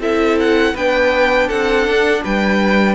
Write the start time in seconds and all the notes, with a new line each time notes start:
0.00 C4 E4 A4 E5
0.40 F#5
0.74 B3 D4 B4 G5
1.48 C4 A4 F#5
1.87 D4
2.24 G3 B4 G5